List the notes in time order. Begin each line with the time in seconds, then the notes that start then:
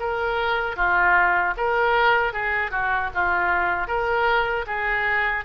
0.00 A#4
0.76 F4
1.57 A#4
2.33 G#4
2.71 F#4
3.14 F4
3.87 A#4
4.67 G#4